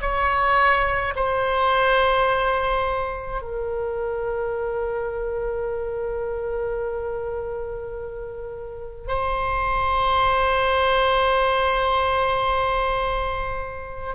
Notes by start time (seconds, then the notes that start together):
0.00 C#5
1.15 C5
3.41 A#4
9.07 C5